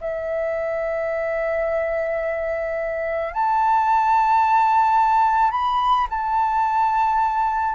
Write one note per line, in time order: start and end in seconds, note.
0.00 3.33 E5
3.33 5.51 A5
5.51 6.06 B5
6.09 7.75 A5